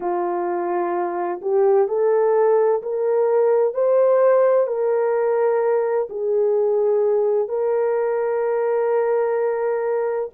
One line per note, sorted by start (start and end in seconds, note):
0.00 1.40 F4
1.41 1.87 G4
1.87 2.81 A4
2.82 3.73 A#4
3.73 4.67 C5
4.67 6.07 A#4
6.09 7.48 G#4
7.48 10.29 A#4